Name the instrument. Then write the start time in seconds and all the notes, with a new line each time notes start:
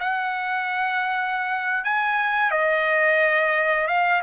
trumpet
0.00 F#5
1.84 G#5
2.51 D#5
3.87 F5